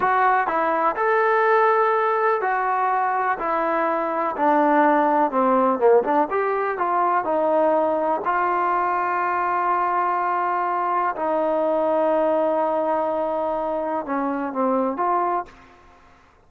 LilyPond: \new Staff \with { instrumentName = "trombone" } { \time 4/4 \tempo 4 = 124 fis'4 e'4 a'2~ | a'4 fis'2 e'4~ | e'4 d'2 c'4 | ais8 d'8 g'4 f'4 dis'4~ |
dis'4 f'2.~ | f'2. dis'4~ | dis'1~ | dis'4 cis'4 c'4 f'4 | }